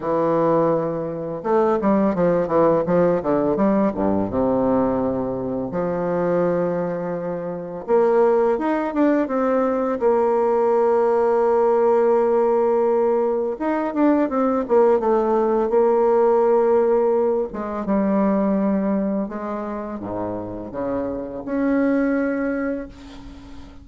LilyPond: \new Staff \with { instrumentName = "bassoon" } { \time 4/4 \tempo 4 = 84 e2 a8 g8 f8 e8 | f8 d8 g8 g,8 c2 | f2. ais4 | dis'8 d'8 c'4 ais2~ |
ais2. dis'8 d'8 | c'8 ais8 a4 ais2~ | ais8 gis8 g2 gis4 | gis,4 cis4 cis'2 | }